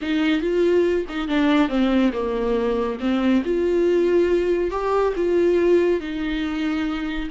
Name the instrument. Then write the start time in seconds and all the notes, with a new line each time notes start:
viola
0.01 D#4
0.41 F4
1.09 D#4
1.28 D4
1.69 C4
2.13 A#3
3.00 C4
3.44 F4
4.70 G4
5.16 F4
6.00 D#4